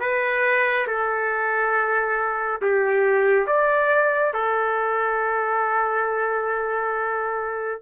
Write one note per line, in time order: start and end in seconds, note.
0.00 0.87 B4
0.87 2.61 A4
2.62 3.47 G4
3.47 4.34 D5
4.34 7.81 A4